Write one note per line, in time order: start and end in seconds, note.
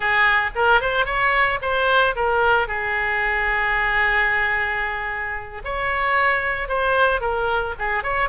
0.00 0.50 G#4
0.55 0.80 A#4
0.80 1.05 C5
1.05 1.59 C#5
1.61 2.15 C5
2.15 2.67 A#4
2.67 5.62 G#4
5.64 6.68 C#5
6.68 7.21 C5
7.21 7.74 A#4
7.78 8.03 G#4
8.03 8.29 C#5